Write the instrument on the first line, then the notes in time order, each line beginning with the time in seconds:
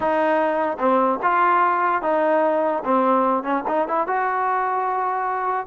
trombone
0.00 D#4
0.79 C4
1.22 F4
2.02 D#4
2.84 C4
3.43 C#4
3.67 D#4
3.88 E4
4.07 F#4